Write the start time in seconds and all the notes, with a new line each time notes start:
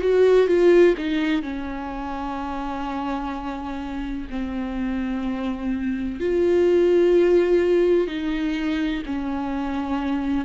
0.00 F#4
0.47 F4
0.97 D#4
1.42 C#4
4.29 C4
6.20 F4
8.07 D#4
9.05 C#4